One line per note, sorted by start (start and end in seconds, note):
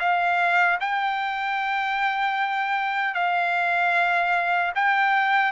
0.00 0.79 F5
0.81 3.15 G5
3.15 4.73 F5
4.75 5.52 G5